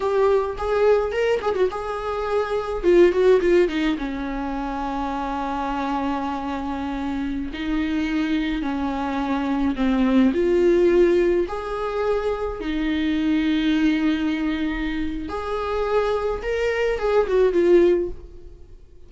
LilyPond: \new Staff \with { instrumentName = "viola" } { \time 4/4 \tempo 4 = 106 g'4 gis'4 ais'8 gis'16 fis'16 gis'4~ | gis'4 f'8 fis'8 f'8 dis'8 cis'4~ | cis'1~ | cis'4~ cis'16 dis'2 cis'8.~ |
cis'4~ cis'16 c'4 f'4.~ f'16~ | f'16 gis'2 dis'4.~ dis'16~ | dis'2. gis'4~ | gis'4 ais'4 gis'8 fis'8 f'4 | }